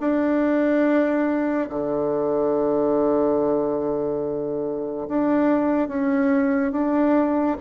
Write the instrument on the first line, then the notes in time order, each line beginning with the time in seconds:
bassoon
0.00 D4
1.69 D3
5.08 D4
5.88 C#4
6.72 D4